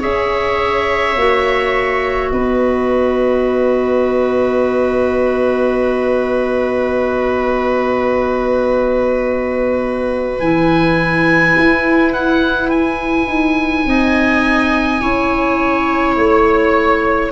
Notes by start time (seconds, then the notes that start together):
0.00 C#4 G#4 C#5 E5
1.16 A#3 F#4
2.31 B3 B4 D#5
10.40 E3 E4 G#5
11.58 E4
12.13 F#5
12.70 G#5
13.27 D#4
13.86 C4 D#4 D#5
15.01 C#4 E4 C#5
16.16 A3 C#5